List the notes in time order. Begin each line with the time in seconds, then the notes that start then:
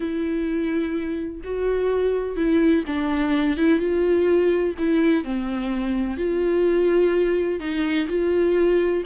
0.00 E4
1.44 F#4
2.36 E4
2.86 D4
3.57 E4
3.79 F4
4.78 E4
5.24 C4
6.17 F4
7.60 D#4
8.08 F4